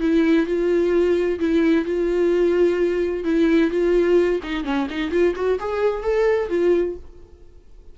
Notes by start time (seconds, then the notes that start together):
0.00 E4
0.46 F4
1.39 E4
1.85 F4
3.24 E4
3.70 F4
4.43 D#4
4.64 C#4
4.89 D#4
5.11 F4
5.35 F#4
5.59 G#4
6.02 A4
6.49 F4